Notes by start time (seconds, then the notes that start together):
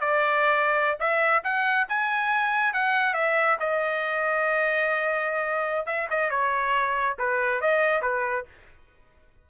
0.00 D5
1.00 E5
1.44 F#5
1.89 G#5
2.74 F#5
3.14 E5
3.60 D#5
5.86 E5
6.10 D#5
6.30 C#5
7.19 B4
7.61 D#5
8.02 B4